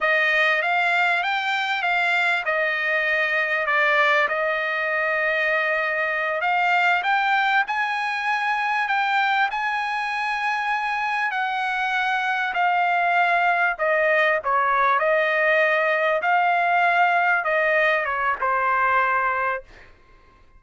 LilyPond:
\new Staff \with { instrumentName = "trumpet" } { \time 4/4 \tempo 4 = 98 dis''4 f''4 g''4 f''4 | dis''2 d''4 dis''4~ | dis''2~ dis''8 f''4 g''8~ | g''8 gis''2 g''4 gis''8~ |
gis''2~ gis''8 fis''4.~ | fis''8 f''2 dis''4 cis''8~ | cis''8 dis''2 f''4.~ | f''8 dis''4 cis''8 c''2 | }